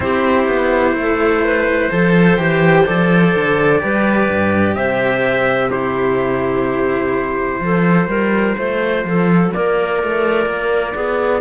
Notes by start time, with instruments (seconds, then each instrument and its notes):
0.00 cello C4 E4, clarinet G4, trumpet C5
0.47 cello B3
0.93 cello A3, clarinet A4
1.43 clarinet B4
1.90 cello F3 A4, clarinet C5
2.37 cello E3 G4
2.85 cello F3 A4, trumpet D5
3.35 cello D3
3.79 cello G3 G4, clarinet B4
4.29 cello G2
4.75 cello C3, clarinet C5, trumpet E5
5.69 cello E4, clarinet G4, trumpet C5
7.60 cello F3 F4, clarinet A4
8.07 cello G3, clarinet A#4
8.57 cello A3, clarinet C5
9.04 cello F3, clarinet A4
9.53 cello A#3, clarinet A#4, trumpet D5
10.02 cello A3
10.46 cello A#3
10.94 cello B3, clarinet G#4